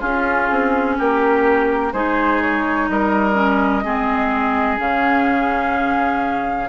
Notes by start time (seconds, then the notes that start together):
0.00 C#4 F4 G#4
0.50 C4
0.98 A#3 G4 A#4
1.93 G#3 D#4 G#4 C5
2.41 C#5
2.89 G3 A#4 D#5
3.34 C#4
3.84 G#3 C4 G#4
4.78 C#3 C#4 F5